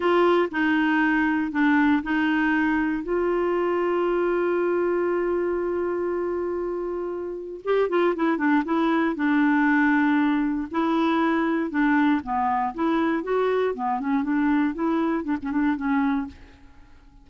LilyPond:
\new Staff \with { instrumentName = "clarinet" } { \time 4/4 \tempo 4 = 118 f'4 dis'2 d'4 | dis'2 f'2~ | f'1~ | f'2. g'8 f'8 |
e'8 d'8 e'4 d'2~ | d'4 e'2 d'4 | b4 e'4 fis'4 b8 cis'8 | d'4 e'4 d'16 cis'16 d'8 cis'4 | }